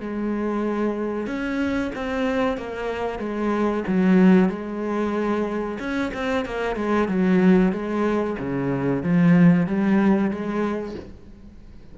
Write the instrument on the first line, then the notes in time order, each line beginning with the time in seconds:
cello
0.00 G#3
1.27 C#4
1.95 C4
2.57 A#3
3.19 G#3
3.87 F#3
4.49 G#3
5.79 C#4
6.14 C4
6.45 A#3
6.76 G#3
7.08 F#3
7.72 G#3
8.39 C#3
9.03 F3
9.67 G3
10.30 G#3